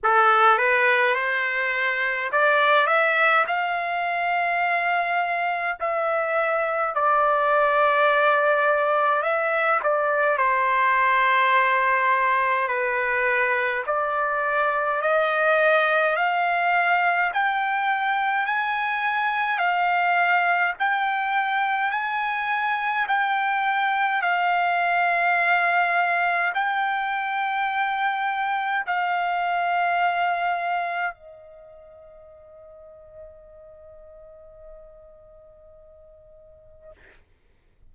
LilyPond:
\new Staff \with { instrumentName = "trumpet" } { \time 4/4 \tempo 4 = 52 a'8 b'8 c''4 d''8 e''8 f''4~ | f''4 e''4 d''2 | e''8 d''8 c''2 b'4 | d''4 dis''4 f''4 g''4 |
gis''4 f''4 g''4 gis''4 | g''4 f''2 g''4~ | g''4 f''2 dis''4~ | dis''1 | }